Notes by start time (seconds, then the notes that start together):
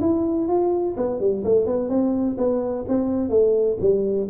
0.00 E4
0.48 F4
0.96 B3
1.19 G3
1.44 A3
1.66 B3
1.89 C4
2.37 B3
2.88 C4
3.29 A3
3.80 G3